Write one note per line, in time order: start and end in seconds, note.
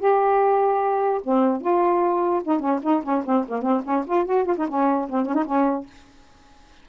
0.00 1.22 G4
1.24 1.62 C4
1.62 2.43 F4
2.45 2.60 D#4
2.60 2.80 C#4
2.83 3.03 D#4
3.04 3.24 C#4
3.26 3.46 C4
3.49 3.62 A#3
3.62 3.83 C4
3.85 4.05 C#4
4.07 4.26 F4
4.26 4.46 F#4
4.46 4.56 F4
4.58 4.68 D#4
4.69 5.10 C#4
5.10 5.26 C4
5.26 5.35 C#4
5.35 5.45 D#4
5.46 5.87 C#4